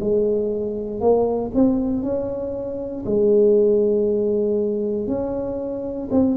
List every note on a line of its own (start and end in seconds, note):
0.00 1.00 G#3
1.00 1.51 A#3
1.54 2.02 C4
2.02 3.04 C#4
3.06 5.07 G#3
5.07 6.09 C#4
6.11 6.37 C4